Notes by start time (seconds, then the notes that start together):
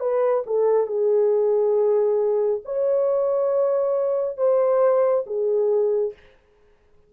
0.00 B4
0.47 A4
0.87 G#4
2.65 C#5
4.37 C5
5.26 G#4